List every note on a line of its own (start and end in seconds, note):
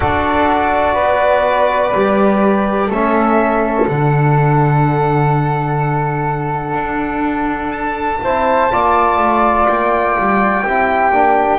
0.00 0.96 D4
0.00 1.93 F#4
0.00 0.93 A4
0.00 2.90 D5
0.93 1.93 B3
0.93 2.87 B4
1.94 2.89 G3
1.94 2.91 G4
2.87 3.86 A3
2.87 3.88 C#4
2.87 8.19 A4
2.87 3.86 E5
3.86 6.74 D3
3.86 8.22 D4
3.86 7.71 F#5
6.74 8.19 D4
7.71 9.65 A5
8.22 8.72 C4
8.22 8.71 E4
8.22 8.72 C5
8.71 9.18 A#3
8.71 10.64 F4
8.71 10.63 D5
9.18 9.66 A3
9.67 10.16 A#3
9.67 11.58 G5
10.19 10.64 G3
10.63 11.11 C4
10.63 11.12 E4
10.63 11.58 G4
11.11 11.58 A#3
11.11 11.58 D4